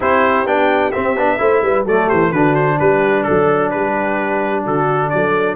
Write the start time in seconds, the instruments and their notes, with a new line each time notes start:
0.00 tuba C4, trombone E4, horn G4, trumpet C5
0.45 tuba B3, trombone D4, trumpet G5
0.91 trombone C4, tuba C4, trumpet E5
1.16 tuba B3, trombone D4
1.38 tuba A3, trombone E4, horn C5
1.62 tuba G3, horn B4
1.85 tuba F#3, trombone A3, horn A4, trumpet D5
2.07 tuba E3, horn G4, trumpet C5
2.31 tuba D3, trombone D4, horn F#4, trumpet B4
2.55 trumpet C5
2.79 tuba G3, horn G4, trumpet B4
3.23 tuba F#3, trumpet A4, horn A4
3.70 tuba G3, horn G4, trumpet B4
4.63 tuba D3, horn F#4, trumpet A4
5.09 tuba F#3, horn A4, trumpet D5